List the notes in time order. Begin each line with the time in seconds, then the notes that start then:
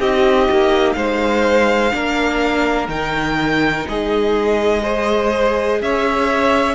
0.00 C4 D#4 G4 D#5
0.51 A#3
0.93 G#3 C5 F5
1.92 A#3 D4 A#4
2.88 D#3 D#4 G5
3.89 G#3 G#4 D#5
4.83 G#4 C5
5.82 C#4 C#5 E5